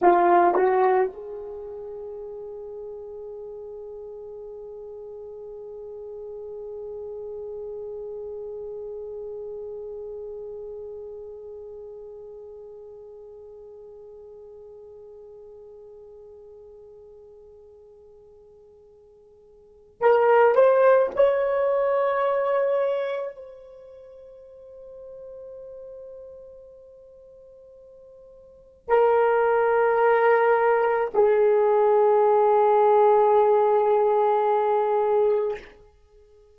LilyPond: \new Staff \with { instrumentName = "horn" } { \time 4/4 \tempo 4 = 54 f'8 fis'8 gis'2.~ | gis'1~ | gis'1~ | gis'1~ |
gis'2 ais'8 c''8 cis''4~ | cis''4 c''2.~ | c''2 ais'2 | gis'1 | }